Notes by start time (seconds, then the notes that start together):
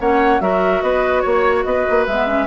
0.00 A#3 C#4 C#5 F#5
0.41 F#3 F#4 A#4 E5
0.82 B3 B4 D#5
1.21 A#3 C#5
1.64 B3 B4 D#5
1.90 A#3
2.07 G#3 B3 E5
2.27 C#4